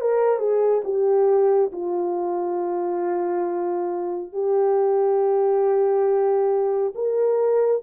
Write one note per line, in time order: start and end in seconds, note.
0.00 0.38 A#4
0.38 0.81 G#4
0.84 1.71 G4
1.72 4.32 F4
4.32 6.93 G4
6.95 7.82 A#4